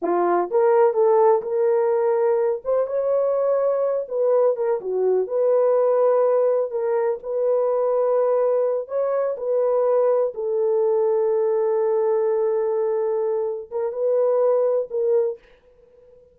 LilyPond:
\new Staff \with { instrumentName = "horn" } { \time 4/4 \tempo 4 = 125 f'4 ais'4 a'4 ais'4~ | ais'4. c''8 cis''2~ | cis''8 b'4 ais'8 fis'4 b'4~ | b'2 ais'4 b'4~ |
b'2~ b'8 cis''4 b'8~ | b'4. a'2~ a'8~ | a'1~ | a'8 ais'8 b'2 ais'4 | }